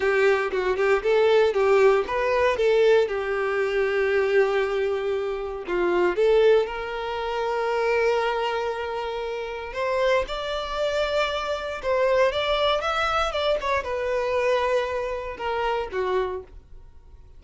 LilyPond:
\new Staff \with { instrumentName = "violin" } { \time 4/4 \tempo 4 = 117 g'4 fis'8 g'8 a'4 g'4 | b'4 a'4 g'2~ | g'2. f'4 | a'4 ais'2.~ |
ais'2. c''4 | d''2. c''4 | d''4 e''4 d''8 cis''8 b'4~ | b'2 ais'4 fis'4 | }